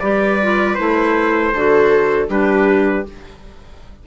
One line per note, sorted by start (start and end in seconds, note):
0.00 0.78 G3
0.00 0.40 G4
0.00 1.53 B4
0.00 0.75 D5
0.43 0.77 F4
0.75 1.54 A3
0.75 1.53 E4
0.75 2.27 C5
1.54 2.29 D3
1.54 2.28 F#4
1.54 2.29 A4
2.28 3.05 G3
2.28 3.04 D4
2.28 3.05 G4
2.28 3.07 B4